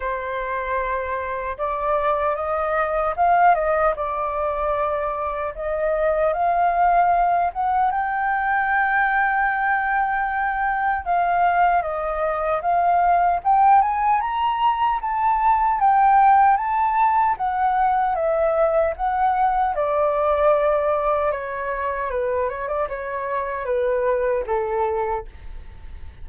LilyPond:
\new Staff \with { instrumentName = "flute" } { \time 4/4 \tempo 4 = 76 c''2 d''4 dis''4 | f''8 dis''8 d''2 dis''4 | f''4. fis''8 g''2~ | g''2 f''4 dis''4 |
f''4 g''8 gis''8 ais''4 a''4 | g''4 a''4 fis''4 e''4 | fis''4 d''2 cis''4 | b'8 cis''16 d''16 cis''4 b'4 a'4 | }